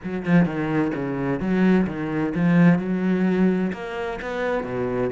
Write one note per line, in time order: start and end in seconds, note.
0.03 0.25 F#3
0.25 0.45 F3
0.45 0.91 D#3
0.95 1.40 C#3
1.40 1.86 F#3
1.86 2.33 D#3
2.34 2.78 F3
2.78 3.71 F#3
3.73 4.19 A#3
4.21 4.63 B3
4.63 5.10 B2